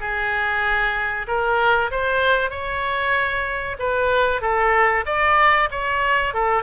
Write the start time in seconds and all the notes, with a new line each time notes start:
0.00 G#4
1.27 A#4
1.91 C5
2.50 C#5
3.79 B4
4.41 A4
5.06 D5
5.71 C#5
6.34 A4